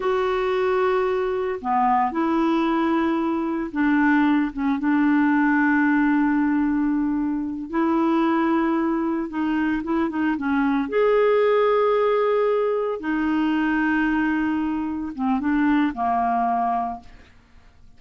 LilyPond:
\new Staff \with { instrumentName = "clarinet" } { \time 4/4 \tempo 4 = 113 fis'2. b4 | e'2. d'4~ | d'8 cis'8 d'2.~ | d'2~ d'8 e'4.~ |
e'4. dis'4 e'8 dis'8 cis'8~ | cis'8 gis'2.~ gis'8~ | gis'8 dis'2.~ dis'8~ | dis'8 c'8 d'4 ais2 | }